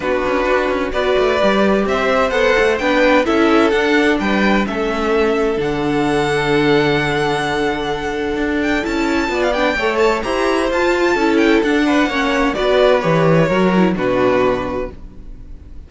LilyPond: <<
  \new Staff \with { instrumentName = "violin" } { \time 4/4 \tempo 4 = 129 b'2 d''2 | e''4 fis''4 g''4 e''4 | fis''4 g''4 e''2 | fis''1~ |
fis''2~ fis''8 g''8 a''4~ | a''16 f''16 g''4 a''8 ais''4 a''4~ | a''8 g''8 fis''2 d''4 | cis''2 b'2 | }
  \new Staff \with { instrumentName = "violin" } { \time 4/4 fis'2 b'2 | c''2 b'4 a'4~ | a'4 b'4 a'2~ | a'1~ |
a'1 | d''4 cis''4 c''2 | a'4. b'8 cis''4 b'4~ | b'4 ais'4 fis'2 | }
  \new Staff \with { instrumentName = "viola" } { \time 4/4 d'2 fis'4 g'4~ | g'4 a'4 d'4 e'4 | d'2 cis'2 | d'1~ |
d'2. e'4 | f'8 d'8 a'4 g'4 f'4 | e'4 d'4 cis'4 fis'4 | g'4 fis'8 e'8 d'2 | }
  \new Staff \with { instrumentName = "cello" } { \time 4/4 b8 cis'8 d'8 cis'8 b8 a8 g4 | c'4 b8 a8 b4 cis'4 | d'4 g4 a2 | d1~ |
d2 d'4 cis'4 | b4 a4 e'4 f'4 | cis'4 d'4 ais4 b4 | e4 fis4 b,2 | }
>>